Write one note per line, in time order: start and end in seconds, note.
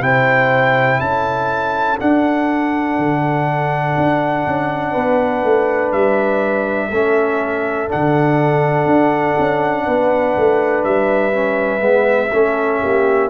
0.00 0.98 C3
0.00 1.97 E4
0.00 1.02 C5
0.00 1.00 G5
1.00 1.99 C#4
1.00 4.91 A4
1.00 1.99 A5
2.00 6.92 D4
2.00 2.98 D4
2.00 5.92 F#5
2.98 3.97 D3
3.97 4.46 D4
4.47 4.95 C#4
4.91 5.43 B3
4.91 6.88 B4
5.43 5.93 A3
5.92 6.91 G3
5.92 7.89 E5
6.89 7.89 A3
6.89 7.88 C#4
6.89 9.84 A4
7.88 8.86 D3
7.88 11.32 D4
7.88 10.84 F#5
8.86 9.35 D4
9.39 9.87 C#4
9.86 10.36 B3
9.86 12.32 B4
10.37 10.84 A3
10.84 11.81 G3
10.84 13.30 E5
11.34 11.80 C#4
11.80 12.30 G#3
11.80 12.29 B3
12.33 12.82 A3
12.33 13.30 C#4
12.33 12.82 A4
12.82 13.30 A#3
12.82 13.30 G4